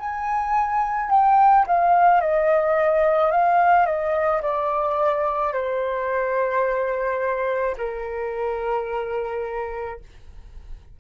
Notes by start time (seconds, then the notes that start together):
0.00 G#5
1.11 G5
1.67 F5
2.21 D#5
3.32 F5
3.87 D#5
4.43 D5
5.54 C5
7.78 A#4